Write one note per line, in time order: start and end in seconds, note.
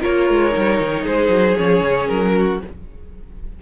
0.00 0.29 A#3
0.00 0.50 F4
0.00 1.02 A#4
0.00 1.05 C#5
0.29 0.55 G#3
0.50 0.80 G3
0.50 1.53 D#4
0.80 1.06 D#3
1.02 1.28 G#3
1.02 2.32 G#4
1.02 1.57 C5
1.28 1.54 F#3
1.55 1.80 F3
1.55 2.59 C#4
1.55 2.07 C#5
1.80 2.06 C#3
2.07 2.61 F#3
2.07 2.59 A#4
2.36 2.62 F#4